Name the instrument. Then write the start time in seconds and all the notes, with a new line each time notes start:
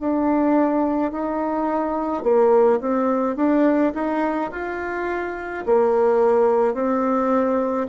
bassoon
0.00 D4
1.12 D#4
2.23 A#3
2.80 C4
3.36 D4
3.94 D#4
4.51 F4
5.66 A#3
6.74 C4